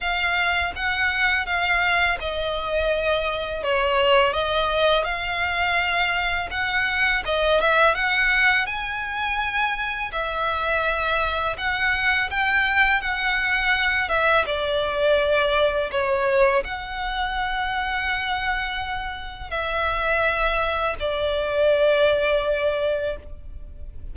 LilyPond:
\new Staff \with { instrumentName = "violin" } { \time 4/4 \tempo 4 = 83 f''4 fis''4 f''4 dis''4~ | dis''4 cis''4 dis''4 f''4~ | f''4 fis''4 dis''8 e''8 fis''4 | gis''2 e''2 |
fis''4 g''4 fis''4. e''8 | d''2 cis''4 fis''4~ | fis''2. e''4~ | e''4 d''2. | }